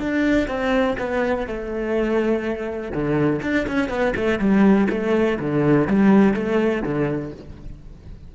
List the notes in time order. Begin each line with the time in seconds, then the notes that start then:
0.00 D4
0.48 C4
0.99 B3
1.47 A3
2.92 D3
3.43 D4
3.68 C#4
3.89 B3
4.16 A3
4.39 G3
4.90 A3
5.40 D3
5.88 G3
6.34 A3
6.83 D3